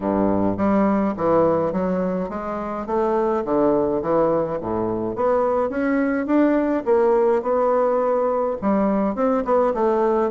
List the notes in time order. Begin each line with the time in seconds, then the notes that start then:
0.00 G2
0.57 G3
1.16 E3
1.72 F#3
2.29 G#3
2.86 A3
3.44 D3
4.02 E3
4.60 A2
5.15 B3
5.69 C#4
6.26 D4
6.85 A#3
7.42 B3
8.61 G3
9.15 C4
9.44 B3
9.74 A3